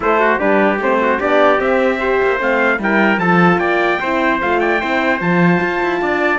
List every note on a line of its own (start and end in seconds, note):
0.00 0.40 A3
0.00 0.39 A3
0.00 0.20 E4
0.00 0.40 C5
0.20 0.38 F#4
0.38 0.79 G3
0.38 0.79 D4
0.38 0.98 G4
0.38 0.80 B4
0.79 1.19 A3
0.79 1.19 C4
0.79 1.21 C5
1.01 1.19 F#4
1.19 1.60 B3
1.19 1.57 D4
1.19 1.99 G4
1.19 1.60 D5
1.57 1.97 C4
1.57 2.21 C4
1.57 2.40 E5
1.98 2.38 G4
1.98 2.79 C5
2.22 2.40 A#3
2.38 2.78 A3
2.38 2.78 C4
2.38 2.82 F5
2.78 3.17 G3
2.78 3.19 E4
2.78 3.20 A#4
2.78 3.19 G5
3.17 3.57 F3
3.17 4.00 F4
3.17 3.59 A4
3.17 3.58 A5
3.58 3.98 A#3
3.58 3.99 D5
3.58 4.38 G5
4.00 4.41 C4
4.00 4.41 E4
4.00 4.60 C5
4.41 4.83 A3
4.41 4.79 F4
4.41 4.60 F5
4.60 4.80 D5
4.60 5.20 G5
4.79 5.20 C4
4.79 5.19 E4
4.79 6.00 C5
5.20 5.60 F3
5.20 6.38 F4
5.20 6.38 A5
5.61 5.81 F4
5.82 6.01 E4
6.01 6.38 D4
6.01 6.38 D5